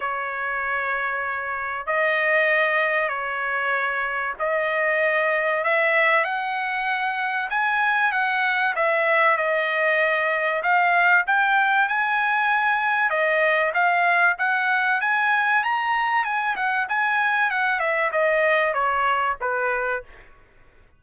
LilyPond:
\new Staff \with { instrumentName = "trumpet" } { \time 4/4 \tempo 4 = 96 cis''2. dis''4~ | dis''4 cis''2 dis''4~ | dis''4 e''4 fis''2 | gis''4 fis''4 e''4 dis''4~ |
dis''4 f''4 g''4 gis''4~ | gis''4 dis''4 f''4 fis''4 | gis''4 ais''4 gis''8 fis''8 gis''4 | fis''8 e''8 dis''4 cis''4 b'4 | }